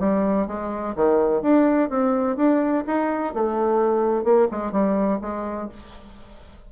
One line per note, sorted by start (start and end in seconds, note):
0.00 0.48 G3
0.48 0.95 G#3
0.96 1.42 D#3
1.42 1.90 D4
1.90 2.37 C4
2.37 2.84 D4
2.87 3.34 D#4
3.34 4.24 A3
4.24 4.48 A#3
4.52 4.72 G#3
4.72 5.20 G3
5.21 5.69 G#3